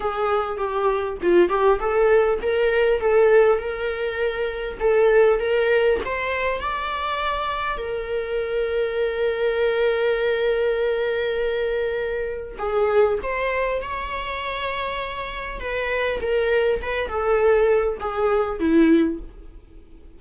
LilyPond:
\new Staff \with { instrumentName = "viola" } { \time 4/4 \tempo 4 = 100 gis'4 g'4 f'8 g'8 a'4 | ais'4 a'4 ais'2 | a'4 ais'4 c''4 d''4~ | d''4 ais'2.~ |
ais'1~ | ais'4 gis'4 c''4 cis''4~ | cis''2 b'4 ais'4 | b'8 a'4. gis'4 e'4 | }